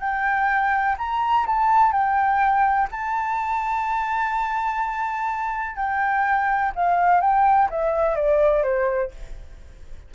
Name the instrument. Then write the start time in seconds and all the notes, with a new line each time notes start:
flute
0.00 G5
0.98 A#5
1.46 A5
1.92 G5
2.91 A5
5.76 G5
6.75 F5
7.21 G5
7.70 E5
8.16 D5
8.63 C5